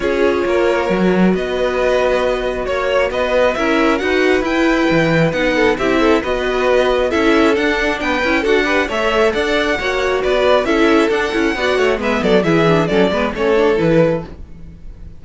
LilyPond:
<<
  \new Staff \with { instrumentName = "violin" } { \time 4/4 \tempo 4 = 135 cis''2. dis''4~ | dis''2 cis''4 dis''4 | e''4 fis''4 g''2 | fis''4 e''4 dis''2 |
e''4 fis''4 g''4 fis''4 | e''4 fis''2 d''4 | e''4 fis''2 e''8 d''8 | e''4 d''4 cis''4 b'4 | }
  \new Staff \with { instrumentName = "violin" } { \time 4/4 gis'4 ais'2 b'4~ | b'2 cis''4 b'4 | ais'4 b'2.~ | b'8 a'8 g'8 a'8 b'2 |
a'2 b'4 a'8 b'8 | cis''4 d''4 cis''4 b'4 | a'2 d''8 cis''8 b'8 a'8 | gis'4 a'8 b'8 a'2 | }
  \new Staff \with { instrumentName = "viola" } { \time 4/4 f'2 fis'2~ | fis'1 | e'4 fis'4 e'2 | dis'4 e'4 fis'2 |
e'4 d'4. e'8 fis'8 g'8 | a'2 fis'2 | e'4 d'8 e'8 fis'4 b4 | e'8 d'8 cis'8 b8 cis'8 d'8 e'4 | }
  \new Staff \with { instrumentName = "cello" } { \time 4/4 cis'4 ais4 fis4 b4~ | b2 ais4 b4 | cis'4 dis'4 e'4 e4 | b4 c'4 b2 |
cis'4 d'4 b8 cis'8 d'4 | a4 d'4 ais4 b4 | cis'4 d'8 cis'8 b8 a8 gis8 fis8 | e4 fis8 gis8 a4 e4 | }
>>